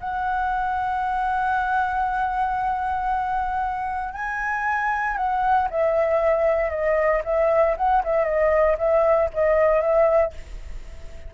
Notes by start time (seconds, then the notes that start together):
0.00 F#5
4.14 G#5
5.17 F#5
5.70 E5
6.70 D#5
7.24 E5
7.77 F#5
8.04 E5
8.25 D#5
8.78 E5
9.34 D#5
9.81 E5